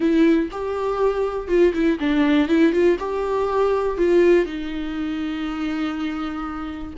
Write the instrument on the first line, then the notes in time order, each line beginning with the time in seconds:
viola
0.00 E4
0.51 G4
1.48 F4
1.73 E4
1.99 D4
2.48 E4
2.72 F4
2.99 G4
3.97 F4
4.45 D#4